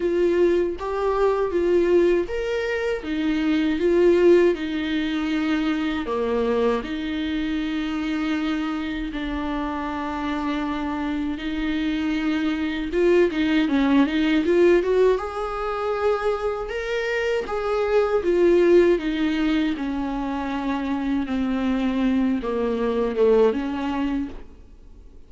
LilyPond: \new Staff \with { instrumentName = "viola" } { \time 4/4 \tempo 4 = 79 f'4 g'4 f'4 ais'4 | dis'4 f'4 dis'2 | ais4 dis'2. | d'2. dis'4~ |
dis'4 f'8 dis'8 cis'8 dis'8 f'8 fis'8 | gis'2 ais'4 gis'4 | f'4 dis'4 cis'2 | c'4. ais4 a8 cis'4 | }